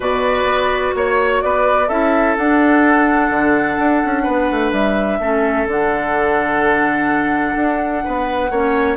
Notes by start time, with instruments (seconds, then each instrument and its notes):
0.00 bassoon B2, clarinet F#4, oboe B4, flute D5
0.44 bassoon B3
0.94 bassoon A#3, oboe C#5, flute C#5
1.41 bassoon B3, oboe B4, flute D5
1.87 bassoon C#4, clarinet E4, oboe A4, flute E5
2.37 bassoon D4, clarinet D4, flute F#5
3.30 bassoon D3
3.78 bassoon D4
4.05 bassoon C#4
4.23 bassoon B3, oboe B4
4.50 bassoon A3
4.72 bassoon G3, flute E5
5.18 bassoon A3, clarinet C#4, oboe A4
5.66 bassoon D3, clarinet D4, flute F#5
7.56 bassoon D4
8.04 bassoon B3, oboe B4
8.50 bassoon A#3, clarinet C#4, oboe C#5